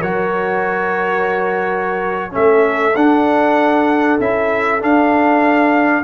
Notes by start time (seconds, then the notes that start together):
0.00 F#3 F#4 A#4 C#5
2.31 A3 C#4 A4 E5
2.95 D4 F#5
4.20 C#4 E4 E5
4.80 D4 F5